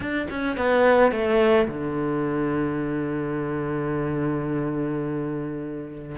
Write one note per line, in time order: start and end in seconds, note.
0.00 0.27 D4
0.30 0.57 C#4
0.57 1.11 B3
1.11 1.67 A3
1.68 6.16 D3